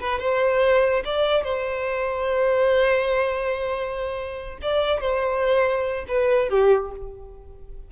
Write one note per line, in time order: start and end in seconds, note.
0.00 0.19 B4
0.19 1.03 C5
1.05 1.43 D5
1.43 4.58 C5
4.62 5.00 D5
5.00 6.05 C5
6.08 6.49 B4
6.49 6.91 G4